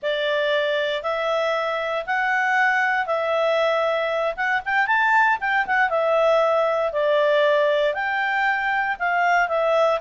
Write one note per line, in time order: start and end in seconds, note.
0.02 1.02 D5
1.02 2.05 E5
2.06 3.06 F#5
3.06 4.34 E5
4.36 4.62 F#5
4.65 4.86 G5
4.86 5.38 A5
5.40 5.65 G5
5.66 5.89 F#5
5.89 6.92 E5
6.92 7.93 D5
7.93 8.96 G5
8.99 9.48 F5
9.48 10.00 E5